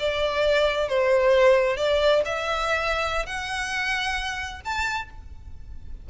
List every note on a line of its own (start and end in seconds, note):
0.00 0.89 D5
0.89 1.77 C5
1.77 2.22 D5
2.26 3.26 E5
3.26 4.62 F#5
4.65 5.10 A5